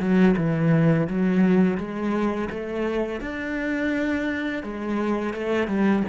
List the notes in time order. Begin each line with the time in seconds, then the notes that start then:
0.00 F#3
0.37 E3
1.08 F#3
1.78 G#3
2.51 A3
3.21 D4
4.63 G#3
5.34 A3
5.68 G3